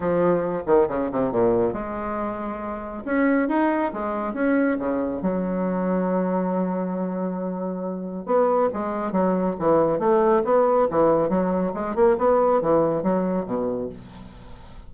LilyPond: \new Staff \with { instrumentName = "bassoon" } { \time 4/4 \tempo 4 = 138 f4. dis8 cis8 c8 ais,4 | gis2. cis'4 | dis'4 gis4 cis'4 cis4 | fis1~ |
fis2. b4 | gis4 fis4 e4 a4 | b4 e4 fis4 gis8 ais8 | b4 e4 fis4 b,4 | }